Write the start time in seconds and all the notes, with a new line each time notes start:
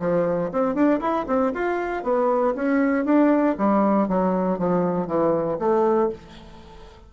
0.00 F3
0.52 C4
0.75 D4
1.01 E4
1.27 C4
1.54 F4
2.04 B3
2.55 C#4
3.05 D4
3.58 G3
4.09 F#3
4.59 F3
5.07 E3
5.59 A3